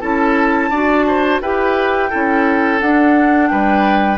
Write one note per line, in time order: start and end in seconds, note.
0.00 0.70 C#4
0.00 0.70 E4
0.00 0.70 A4
0.00 1.40 A5
0.70 1.40 D4
0.70 1.42 F#4
0.70 1.05 D5
1.07 1.42 C5
1.41 2.11 E4
1.41 2.10 G4
1.41 2.09 B4
1.41 2.80 G5
2.09 2.81 C#4
2.09 2.80 E4
2.09 3.49 A4
2.80 3.51 D4
2.80 4.18 D4
2.80 3.48 F#5
3.48 4.18 G3
3.48 4.18 B4
3.48 4.17 G5